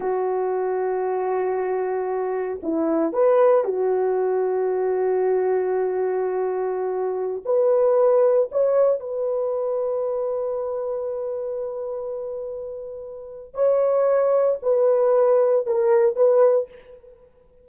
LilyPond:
\new Staff \with { instrumentName = "horn" } { \time 4/4 \tempo 4 = 115 fis'1~ | fis'4 e'4 b'4 fis'4~ | fis'1~ | fis'2~ fis'16 b'4.~ b'16~ |
b'16 cis''4 b'2~ b'8.~ | b'1~ | b'2 cis''2 | b'2 ais'4 b'4 | }